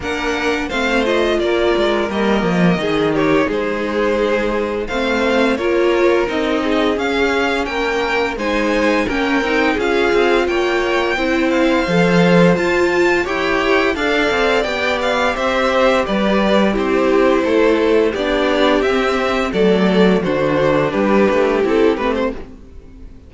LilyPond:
<<
  \new Staff \with { instrumentName = "violin" } { \time 4/4 \tempo 4 = 86 fis''4 f''8 dis''8 d''4 dis''4~ | dis''8 cis''8 c''2 f''4 | cis''4 dis''4 f''4 g''4 | gis''4 g''4 f''4 g''4~ |
g''8 f''4. a''4 g''4 | f''4 g''8 f''8 e''4 d''4 | c''2 d''4 e''4 | d''4 c''4 b'4 a'8 b'16 c''16 | }
  \new Staff \with { instrumentName = "violin" } { \time 4/4 ais'4 c''4 ais'2 | gis'8 g'8 gis'2 c''4 | ais'4. gis'4. ais'4 | c''4 ais'4 gis'4 cis''4 |
c''2. cis''4 | d''2 c''4 b'4 | g'4 a'4 g'2 | a'4 fis'4 g'2 | }
  \new Staff \with { instrumentName = "viola" } { \time 4/4 d'4 c'8 f'4. ais4 | dis'2. c'4 | f'4 dis'4 cis'2 | dis'4 cis'8 dis'8 f'2 |
e'4 a'4 f'4 g'4 | a'4 g'2. | e'2 d'4 c'4 | a4 d'2 e'8 c'8 | }
  \new Staff \with { instrumentName = "cello" } { \time 4/4 ais4 a4 ais8 gis8 g8 f8 | dis4 gis2 a4 | ais4 c'4 cis'4 ais4 | gis4 ais8 c'8 cis'8 c'8 ais4 |
c'4 f4 f'4 e'4 | d'8 c'8 b4 c'4 g4 | c'4 a4 b4 c'4 | fis4 d4 g8 a8 c'8 a8 | }
>>